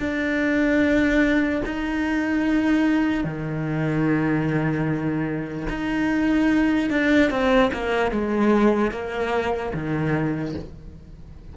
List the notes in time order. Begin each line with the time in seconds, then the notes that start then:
0.00 D4
1.66 D#4
3.25 D#3
5.70 D#4
6.91 D4
7.31 C4
7.74 A#3
8.12 G#3
8.92 A#3
9.74 D#3